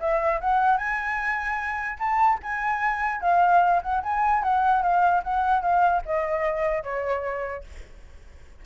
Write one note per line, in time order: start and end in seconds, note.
0.00 0.40 E5
0.41 0.77 F#5
0.77 1.98 G#5
1.99 2.39 A5
2.43 3.21 G#5
3.21 3.81 F5
3.82 4.02 F#5
4.03 4.43 G#5
4.43 4.82 F#5
4.82 5.23 F5
5.23 5.62 F#5
5.62 6.02 F5
6.05 6.83 D#5
6.83 7.64 C#5